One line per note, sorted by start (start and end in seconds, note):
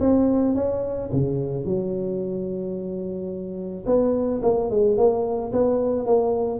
0.00 0.55 C4
0.55 1.10 C#4
1.12 1.65 C#3
1.65 3.85 F#3
3.86 4.41 B3
4.42 4.70 A#3
4.70 4.97 G#3
4.97 5.52 A#3
5.52 6.06 B3
6.06 6.60 A#3